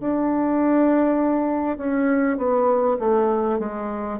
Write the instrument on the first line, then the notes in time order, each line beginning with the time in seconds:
bassoon
0.00 D4
1.77 C#4
2.37 B3
2.99 A3
3.59 G#3